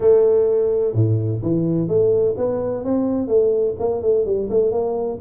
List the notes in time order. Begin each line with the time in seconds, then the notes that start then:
0.00 A3
0.94 A2
1.42 E3
1.88 A3
2.37 B3
2.84 C4
3.27 A3
3.79 A#3
4.02 A3
4.25 G3
4.49 A3
4.71 A#3